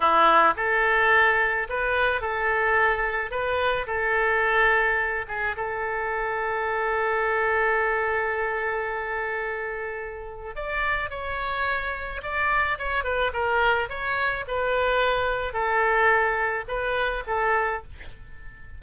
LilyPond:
\new Staff \with { instrumentName = "oboe" } { \time 4/4 \tempo 4 = 108 e'4 a'2 b'4 | a'2 b'4 a'4~ | a'4. gis'8 a'2~ | a'1~ |
a'2. d''4 | cis''2 d''4 cis''8 b'8 | ais'4 cis''4 b'2 | a'2 b'4 a'4 | }